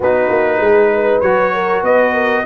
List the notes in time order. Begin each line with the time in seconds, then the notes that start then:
0.00 B3 D#4 F#4 B4
0.29 A#3
0.59 G#3 G#4
0.93 B4
1.20 F#3 F#4 C#5
1.54 A#4
1.83 B3 B4 D#5
2.13 A#4